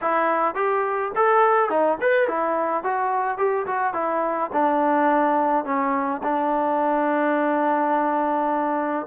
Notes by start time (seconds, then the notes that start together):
0.01 E4
0.55 G4
1.15 A4
1.69 D#4
2.00 B4
2.27 E4
2.83 F#4
3.37 G4
3.66 F#4
3.93 E4
4.52 D4
5.64 C#4
6.23 D4